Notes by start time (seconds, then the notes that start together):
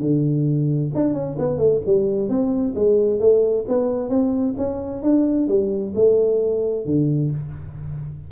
0.00 D3
0.95 D4
1.13 C#4
1.38 B3
1.58 A3
1.86 G3
2.29 C4
2.75 G#3
3.20 A3
3.68 B3
4.09 C4
4.57 C#4
5.02 D4
5.48 G3
5.95 A3
6.85 D3